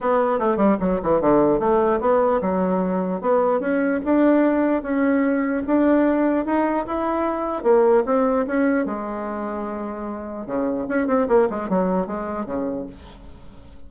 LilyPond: \new Staff \with { instrumentName = "bassoon" } { \time 4/4 \tempo 4 = 149 b4 a8 g8 fis8 e8 d4 | a4 b4 fis2 | b4 cis'4 d'2 | cis'2 d'2 |
dis'4 e'2 ais4 | c'4 cis'4 gis2~ | gis2 cis4 cis'8 c'8 | ais8 gis8 fis4 gis4 cis4 | }